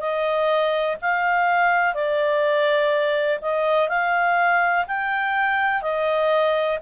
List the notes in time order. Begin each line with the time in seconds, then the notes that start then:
0.00 D#5
1.01 F5
1.94 D5
3.41 D#5
3.88 F5
4.87 G5
5.82 D#5